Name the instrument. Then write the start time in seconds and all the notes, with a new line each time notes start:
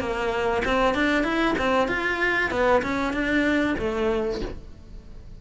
cello
0.00 A#3
0.65 C4
0.95 D4
1.24 E4
1.59 C4
1.88 F4
2.51 B3
2.82 C#4
3.14 D4
3.79 A3